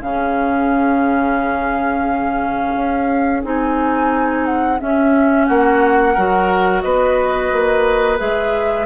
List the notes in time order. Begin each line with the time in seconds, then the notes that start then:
0.00 C#3 C#4 G#4 F5
2.75 C#4
3.42 C4 D#4 G#5
4.44 F#5
4.78 C#4 E5
5.45 A#3 F#4 F#5
6.13 F#3 F#4 A#4
6.81 B3 B4 D#5
7.52 A#3
8.17 G#3 G#4 E5